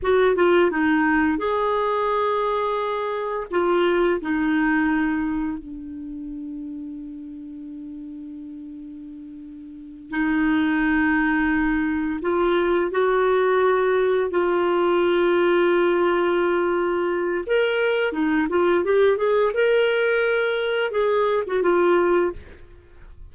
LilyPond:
\new Staff \with { instrumentName = "clarinet" } { \time 4/4 \tempo 4 = 86 fis'8 f'8 dis'4 gis'2~ | gis'4 f'4 dis'2 | d'1~ | d'2~ d'8 dis'4.~ |
dis'4. f'4 fis'4.~ | fis'8 f'2.~ f'8~ | f'4 ais'4 dis'8 f'8 g'8 gis'8 | ais'2 gis'8. fis'16 f'4 | }